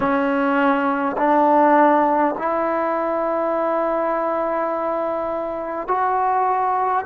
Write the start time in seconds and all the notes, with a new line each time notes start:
0.00 C#4
1.17 D4
2.37 E4
5.87 F#4